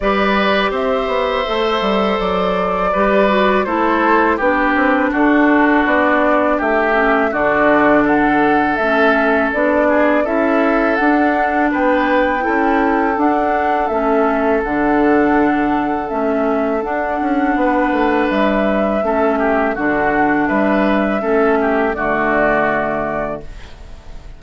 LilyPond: <<
  \new Staff \with { instrumentName = "flute" } { \time 4/4 \tempo 4 = 82 d''4 e''2 d''4~ | d''4 c''4 b'4 a'4 | d''4 e''4 d''4 fis''4 | e''4 d''4 e''4 fis''4 |
g''2 fis''4 e''4 | fis''2 e''4 fis''4~ | fis''4 e''2 fis''4 | e''2 d''2 | }
  \new Staff \with { instrumentName = "oboe" } { \time 4/4 b'4 c''2. | b'4 a'4 g'4 fis'4~ | fis'4 g'4 fis'4 a'4~ | a'4. gis'8 a'2 |
b'4 a'2.~ | a'1 | b'2 a'8 g'8 fis'4 | b'4 a'8 g'8 fis'2 | }
  \new Staff \with { instrumentName = "clarinet" } { \time 4/4 g'2 a'2 | g'8 fis'8 e'4 d'2~ | d'4. cis'8 d'2 | cis'4 d'4 e'4 d'4~ |
d'4 e'4 d'4 cis'4 | d'2 cis'4 d'4~ | d'2 cis'4 d'4~ | d'4 cis'4 a2 | }
  \new Staff \with { instrumentName = "bassoon" } { \time 4/4 g4 c'8 b8 a8 g8 fis4 | g4 a4 b8 c'8 d'4 | b4 a4 d2 | a4 b4 cis'4 d'4 |
b4 cis'4 d'4 a4 | d2 a4 d'8 cis'8 | b8 a8 g4 a4 d4 | g4 a4 d2 | }
>>